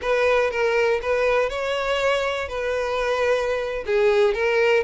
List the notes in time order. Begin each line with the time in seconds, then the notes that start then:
0.01 B4
0.50 A#4
1.02 B4
1.49 C#5
2.48 B4
3.86 G#4
4.34 A#4